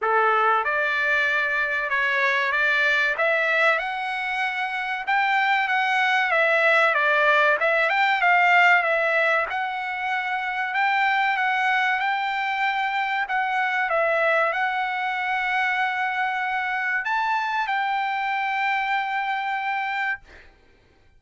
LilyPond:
\new Staff \with { instrumentName = "trumpet" } { \time 4/4 \tempo 4 = 95 a'4 d''2 cis''4 | d''4 e''4 fis''2 | g''4 fis''4 e''4 d''4 | e''8 g''8 f''4 e''4 fis''4~ |
fis''4 g''4 fis''4 g''4~ | g''4 fis''4 e''4 fis''4~ | fis''2. a''4 | g''1 | }